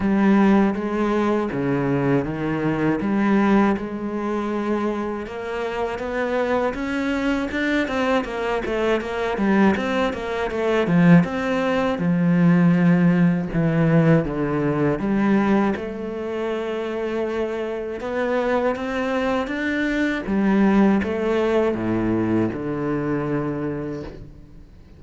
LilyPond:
\new Staff \with { instrumentName = "cello" } { \time 4/4 \tempo 4 = 80 g4 gis4 cis4 dis4 | g4 gis2 ais4 | b4 cis'4 d'8 c'8 ais8 a8 | ais8 g8 c'8 ais8 a8 f8 c'4 |
f2 e4 d4 | g4 a2. | b4 c'4 d'4 g4 | a4 a,4 d2 | }